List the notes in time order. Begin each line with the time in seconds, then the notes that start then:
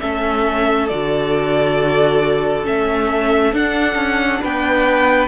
0.00 A3 C#4 A4 E5
0.88 D3 F#4 D5
2.64 A3 C#4 E5
3.53 D4 F#5
3.95 C#4
4.41 B3 B4 G5